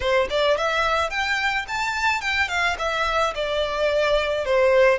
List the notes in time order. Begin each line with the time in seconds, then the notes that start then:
0.00 C5
0.30 D5
0.57 E5
1.10 G5
1.67 A5
2.21 G5
2.48 F5
2.78 E5
3.34 D5
4.45 C5